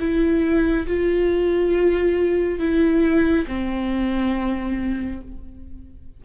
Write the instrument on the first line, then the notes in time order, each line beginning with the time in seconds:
viola
0.00 E4
0.87 F4
2.59 E4
3.47 C4